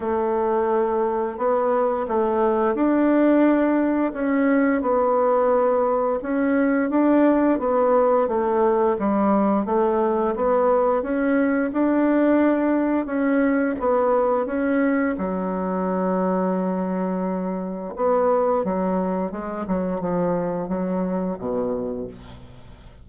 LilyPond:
\new Staff \with { instrumentName = "bassoon" } { \time 4/4 \tempo 4 = 87 a2 b4 a4 | d'2 cis'4 b4~ | b4 cis'4 d'4 b4 | a4 g4 a4 b4 |
cis'4 d'2 cis'4 | b4 cis'4 fis2~ | fis2 b4 fis4 | gis8 fis8 f4 fis4 b,4 | }